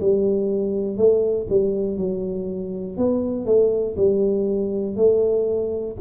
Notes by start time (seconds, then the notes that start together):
0.00 G3
0.97 A3
1.50 G3
1.97 F#3
2.97 B3
3.45 A3
3.96 G3
4.95 A3